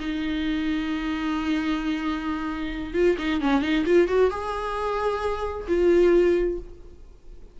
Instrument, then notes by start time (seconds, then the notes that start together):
viola
0.00 D#4
2.94 F4
3.18 D#4
3.41 C#4
3.62 D#4
3.86 F4
4.08 F#4
4.31 G#4
5.68 F4